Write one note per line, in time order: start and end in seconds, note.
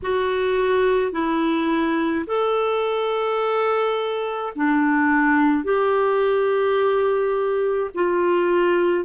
0.02 1.12 F#4
1.12 2.25 E4
2.26 4.53 A4
4.55 5.63 D4
5.63 7.90 G4
7.94 9.05 F4